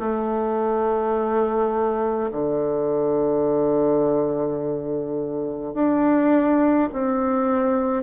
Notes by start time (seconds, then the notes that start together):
0.00 A3
2.32 D3
5.74 D4
6.93 C4